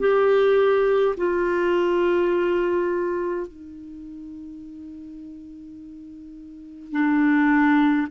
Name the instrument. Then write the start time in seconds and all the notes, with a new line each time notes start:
clarinet
0.00 G4
1.17 F4
3.47 D#4
6.92 D4